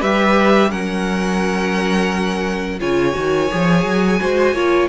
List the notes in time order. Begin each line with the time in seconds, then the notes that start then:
0.00 G3 G4 B4 E5
0.70 F#3 C#4 A#4 F#5
2.80 C#3 F4 C#5 G#5
3.12 D#3 F#4
3.51 F3 G#4
3.85 F#3
4.20 G#3 F#4 C5
4.53 A#3 F4 C#5